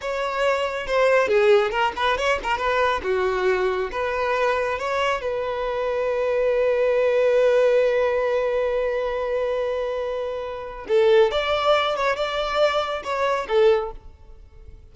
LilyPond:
\new Staff \with { instrumentName = "violin" } { \time 4/4 \tempo 4 = 138 cis''2 c''4 gis'4 | ais'8 b'8 cis''8 ais'8 b'4 fis'4~ | fis'4 b'2 cis''4 | b'1~ |
b'1~ | b'1~ | b'4 a'4 d''4. cis''8 | d''2 cis''4 a'4 | }